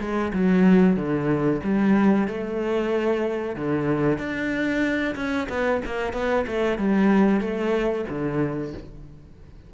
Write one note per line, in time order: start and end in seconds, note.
0.00 0.32 G#3
0.33 0.96 F#3
0.96 1.61 D3
1.64 2.28 G3
2.28 3.56 A3
3.56 4.18 D3
4.18 5.15 D4
5.16 5.48 C#4
5.50 5.82 B3
5.86 6.13 A#3
6.13 6.46 B3
6.47 6.79 A3
6.79 7.41 G3
7.41 8.05 A3
8.09 8.74 D3